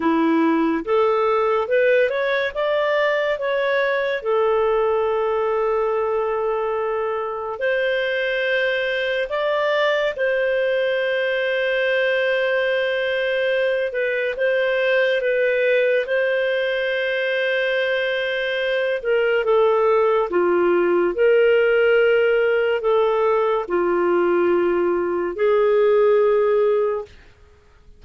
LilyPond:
\new Staff \with { instrumentName = "clarinet" } { \time 4/4 \tempo 4 = 71 e'4 a'4 b'8 cis''8 d''4 | cis''4 a'2.~ | a'4 c''2 d''4 | c''1~ |
c''8 b'8 c''4 b'4 c''4~ | c''2~ c''8 ais'8 a'4 | f'4 ais'2 a'4 | f'2 gis'2 | }